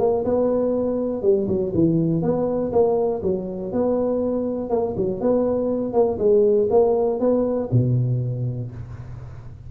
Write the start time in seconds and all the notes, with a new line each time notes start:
0.00 A#3
0.25 B3
1.23 G3
1.48 F#3
1.75 E3
2.23 B3
2.73 A#3
3.23 F#3
3.73 B3
4.70 A#3
4.97 F#3
5.21 B3
5.94 A#3
6.19 G#3
6.71 A#3
7.20 B3
7.72 B2